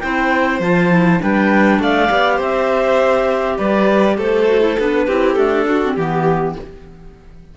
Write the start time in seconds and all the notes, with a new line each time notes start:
0.00 C4 E4 C5 G5
0.60 F3 F4 A5
0.90 E4
1.19 G3 D4 B4 G5
1.79 A3 D5 F5
2.09 B3 G4
2.36 C4 C5 E5
3.58 G3 B4 D5
4.17 A3 A4 C5
4.46 F#4
4.60 E4
4.79 B3 D4 B4
5.06 C4 E4 G4
5.33 A3 D4 A4
5.65 D4 F#4
5.83 C4
5.94 E3 B3 G4